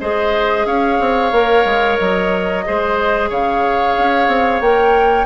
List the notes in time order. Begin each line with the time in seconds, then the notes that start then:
0.00 G#3 G#4 C5 D#5
0.65 C#4 C#5 F5
1.00 C4
1.31 A#3 A#4
1.65 G#3
1.98 F#3 D#5
2.65 G#3 G#4 C5
3.29 C#3 C#5 F5
3.98 C#4
4.27 C4
4.60 A#3 A#4 G5